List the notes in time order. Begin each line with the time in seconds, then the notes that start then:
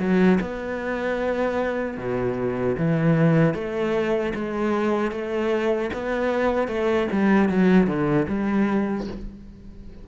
0.00 F#3
0.41 B3
1.98 B2
2.78 E3
3.55 A3
4.35 G#3
5.12 A3
5.94 B3
6.69 A3
7.13 G3
7.50 F#3
7.88 D3
8.29 G3